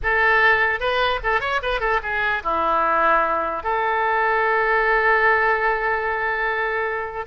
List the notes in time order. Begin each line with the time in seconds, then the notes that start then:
0.02 A4
0.80 B4
1.23 A4
1.40 C#5
1.62 B4
1.80 A4
2.02 G#4
2.43 E4
3.63 A4